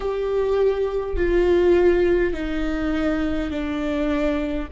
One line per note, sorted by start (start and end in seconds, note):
0.00 1.16 G4
1.16 2.33 F4
2.33 3.50 D#4
3.50 4.68 D4